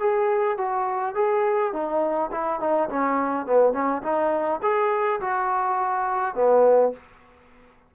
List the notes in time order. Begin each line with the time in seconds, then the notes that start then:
0.00 G#4
0.58 F#4
1.15 G#4
1.73 D#4
2.32 E4
2.60 D#4
2.90 C#4
3.46 B3
3.73 C#4
4.03 D#4
4.63 G#4
5.21 F#4
6.35 B3